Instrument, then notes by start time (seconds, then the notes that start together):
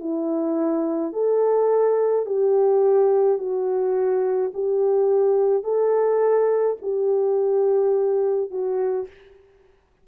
horn
0.00 E4
1.13 A4
2.26 G4
3.39 F#4
4.54 G4
5.64 A4
6.82 G4
8.51 F#4